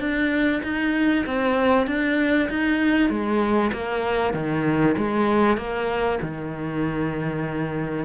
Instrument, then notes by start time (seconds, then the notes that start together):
cello
0.00 D4
0.64 D#4
1.26 C4
1.87 D4
2.49 D#4
3.10 G#3
3.73 A#3
4.34 D#3
4.97 G#3
5.58 A#3
6.22 D#3